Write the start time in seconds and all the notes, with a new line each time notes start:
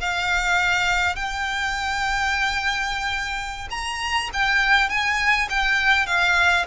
0.00 F5
1.16 G5
3.70 A#5
4.33 G5
4.89 G#5
5.49 G5
6.06 F5